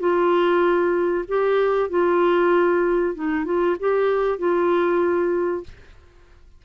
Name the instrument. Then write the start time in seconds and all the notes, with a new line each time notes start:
clarinet
0.00 F4
1.28 G4
1.90 F4
3.15 D#4
3.45 F4
3.80 G4
4.39 F4